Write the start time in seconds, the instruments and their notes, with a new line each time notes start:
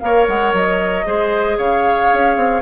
0.00 bassoon A#3, clarinet A#4, oboe C#5, flute F5
0.28 bassoon G#3, flute F#5
0.53 bassoon F#3, flute D#5
1.05 bassoon G#3, clarinet G#4, oboe C5
1.58 bassoon C#3, oboe C#5, flute F5
2.13 bassoon C#4
2.37 bassoon C4